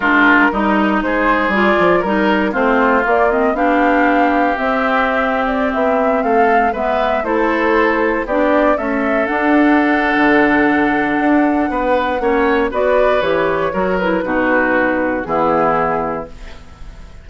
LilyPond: <<
  \new Staff \with { instrumentName = "flute" } { \time 4/4 \tempo 4 = 118 ais'2 c''4 d''4 | ais'4 c''4 d''8 dis''8 f''4~ | f''4 e''4.~ e''16 d''8 e''8.~ | e''16 f''4 e''4 c''4.~ c''16~ |
c''16 d''4 e''4 fis''4.~ fis''16~ | fis''1~ | fis''4 d''4 cis''4. b'8~ | b'2 gis'2 | }
  \new Staff \with { instrumentName = "oboe" } { \time 4/4 f'4 dis'4 gis'2 | ais'4 f'2 g'4~ | g'1~ | g'16 a'4 b'4 a'4.~ a'16~ |
a'16 g'4 a'2~ a'8.~ | a'2. b'4 | cis''4 b'2 ais'4 | fis'2 e'2 | }
  \new Staff \with { instrumentName = "clarinet" } { \time 4/4 d'4 dis'2 f'4 | dis'4 c'4 ais8 c'8 d'4~ | d'4 c'2.~ | c'4~ c'16 b4 e'4.~ e'16~ |
e'16 d'4 a4 d'4.~ d'16~ | d'1 | cis'4 fis'4 g'4 fis'8 e'8 | dis'2 b2 | }
  \new Staff \with { instrumentName = "bassoon" } { \time 4/4 gis4 g4 gis4 g8 f8 | g4 a4 ais4 b4~ | b4 c'2~ c'16 b8.~ | b16 a4 gis4 a4.~ a16~ |
a16 b4 cis'4 d'4.~ d'16 | d2 d'4 b4 | ais4 b4 e4 fis4 | b,2 e2 | }
>>